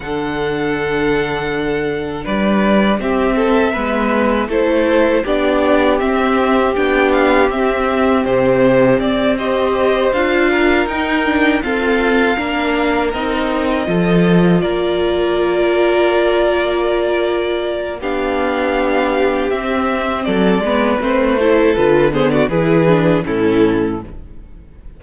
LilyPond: <<
  \new Staff \with { instrumentName = "violin" } { \time 4/4 \tempo 4 = 80 fis''2. d''4 | e''2 c''4 d''4 | e''4 g''8 f''8 e''4 c''4 | d''8 dis''4 f''4 g''4 f''8~ |
f''4. dis''2 d''8~ | d''1 | f''2 e''4 d''4 | c''4 b'8 c''16 d''16 b'4 a'4 | }
  \new Staff \with { instrumentName = "violin" } { \time 4/4 a'2. b'4 | g'8 a'8 b'4 a'4 g'4~ | g'1~ | g'8 c''4. ais'4. a'8~ |
a'8 ais'2 a'4 ais'8~ | ais'1 | g'2. a'8 b'8~ | b'8 a'4 gis'16 fis'16 gis'4 e'4 | }
  \new Staff \with { instrumentName = "viola" } { \time 4/4 d'1 | c'4 b4 e'4 d'4 | c'4 d'4 c'2~ | c'8 g'4 f'4 dis'8 d'8 c'8~ |
c'8 d'4 dis'4 f'4.~ | f'1 | d'2 c'4. b8 | c'8 e'8 f'8 b8 e'8 d'8 cis'4 | }
  \new Staff \with { instrumentName = "cello" } { \time 4/4 d2. g4 | c'4 gis4 a4 b4 | c'4 b4 c'4 c4 | c'4. d'4 dis'4 f'8~ |
f'8 ais4 c'4 f4 ais8~ | ais1 | b2 c'4 fis8 gis8 | a4 d4 e4 a,4 | }
>>